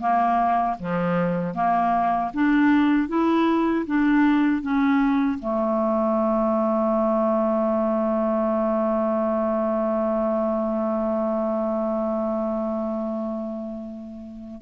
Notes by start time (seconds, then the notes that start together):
0.00 A#3
0.79 F3
1.54 A#3
2.34 D4
3.08 E4
3.86 D4
4.62 C#4
5.39 A3